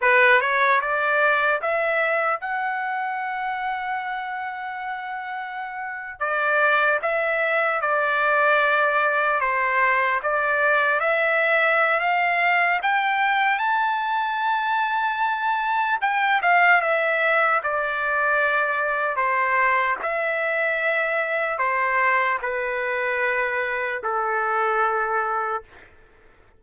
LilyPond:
\new Staff \with { instrumentName = "trumpet" } { \time 4/4 \tempo 4 = 75 b'8 cis''8 d''4 e''4 fis''4~ | fis''2.~ fis''8. d''16~ | d''8. e''4 d''2 c''16~ | c''8. d''4 e''4~ e''16 f''4 |
g''4 a''2. | g''8 f''8 e''4 d''2 | c''4 e''2 c''4 | b'2 a'2 | }